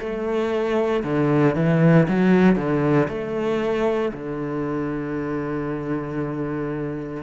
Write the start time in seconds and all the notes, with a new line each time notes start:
0.00 A3
1.04 D3
1.56 E3
2.08 F#3
2.56 D3
3.08 A3
4.13 D3